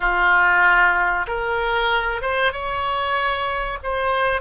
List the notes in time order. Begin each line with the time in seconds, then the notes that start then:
0.00 F4
1.27 A#4
2.21 C5
2.52 C#5
3.83 C5